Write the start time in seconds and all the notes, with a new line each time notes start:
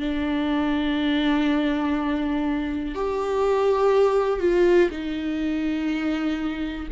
0.00 D4
2.95 G4
4.41 F4
4.91 D#4